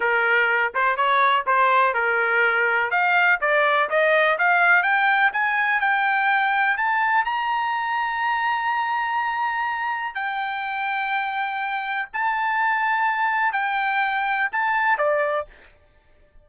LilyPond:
\new Staff \with { instrumentName = "trumpet" } { \time 4/4 \tempo 4 = 124 ais'4. c''8 cis''4 c''4 | ais'2 f''4 d''4 | dis''4 f''4 g''4 gis''4 | g''2 a''4 ais''4~ |
ais''1~ | ais''4 g''2.~ | g''4 a''2. | g''2 a''4 d''4 | }